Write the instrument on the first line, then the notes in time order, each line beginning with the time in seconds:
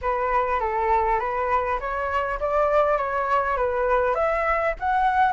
flute
0.01 B4
0.60 A4
1.19 B4
1.80 C#5
2.40 D5
2.97 C#5
3.56 B4
4.14 E5
4.79 F#5